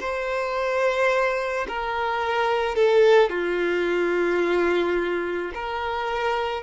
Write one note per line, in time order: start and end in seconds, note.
0.00 1.67 C5
1.68 2.75 A#4
2.75 3.29 A4
3.29 5.52 F4
5.54 6.63 A#4